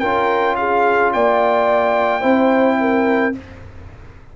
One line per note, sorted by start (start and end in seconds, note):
0.00 1.14 C#4
0.00 2.22 F4
0.00 0.56 A#4
0.00 0.56 G5
0.57 1.13 G#4
0.57 1.12 F5
1.13 2.24 A#3
1.13 2.22 D5
1.13 3.35 G5
2.22 3.35 C4
2.22 3.33 E4
2.22 2.77 C5
2.81 3.37 A#4